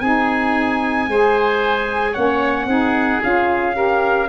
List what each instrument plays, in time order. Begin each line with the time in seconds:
0.00 tuba C4, saxophone D#4, oboe G#4, trumpet G#5
1.08 tuba G#3, saxophone G#4, oboe C5
2.12 tuba A#3, saxophone C#4, oboe C#5, trumpet F#5
2.66 tuba C4, saxophone D#4, oboe G#4
3.22 tuba C#4, saxophone F4, trumpet F5
3.73 saxophone G4, oboe A#4